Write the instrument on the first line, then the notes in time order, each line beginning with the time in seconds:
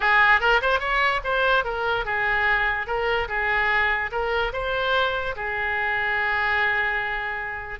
oboe
0.00 G#4
0.40 A#4
0.61 C5
0.79 C#5
1.23 C5
1.64 A#4
2.05 G#4
2.87 A#4
3.28 G#4
4.11 A#4
4.52 C5
5.36 G#4